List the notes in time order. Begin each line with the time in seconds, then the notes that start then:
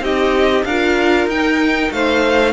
0.00 C4 D#4 G4 D#5
0.64 D4 F4 A#4 F5
1.26 D#4 G5
1.91 A3 C5 F5